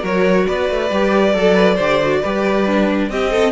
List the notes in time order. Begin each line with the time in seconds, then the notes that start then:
0.00 F#3 F#4 A#4 C#5
0.47 B3 B4 D5
0.69 A3
0.90 G3 G4
1.34 F#3 A4
1.54 B4
1.74 D3 G4 C5
2.01 F#4
2.21 G3 G4 B4
2.66 D4
3.09 C4 G4 D#5
3.30 A4